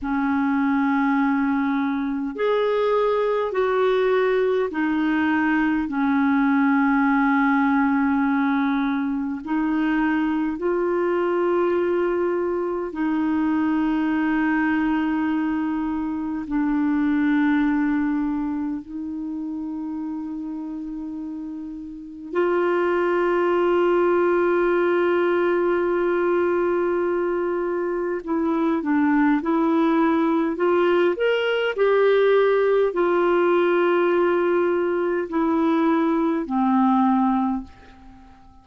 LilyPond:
\new Staff \with { instrumentName = "clarinet" } { \time 4/4 \tempo 4 = 51 cis'2 gis'4 fis'4 | dis'4 cis'2. | dis'4 f'2 dis'4~ | dis'2 d'2 |
dis'2. f'4~ | f'1 | e'8 d'8 e'4 f'8 ais'8 g'4 | f'2 e'4 c'4 | }